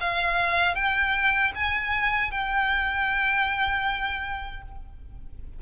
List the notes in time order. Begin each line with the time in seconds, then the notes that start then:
0.00 F5
0.75 G5
1.55 G#5
2.31 G5